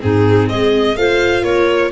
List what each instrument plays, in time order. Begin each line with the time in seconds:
0.00 tuba G#2, viola C4, clarinet D#4, violin G#4
0.48 tuba G#3, clarinet G#4, violin D#5
0.96 tuba A3, viola F4, clarinet C5, violin F5
1.42 tuba A#3, clarinet A#4, violin C#5